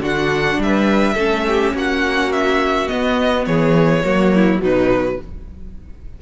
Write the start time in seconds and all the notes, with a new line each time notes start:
0.00 D3 D4 F#4 F#5
0.58 G3 E5
0.65 B4
1.14 A3 C#4 A4
1.47 G4
1.74 A#3 F#4 F#5
2.32 E5
2.88 B3 D#5
3.46 E3 G#4 C#5
4.04 F#3 A#3 F#4
4.35 E4
4.58 B2 F#3 D#4
4.65 B4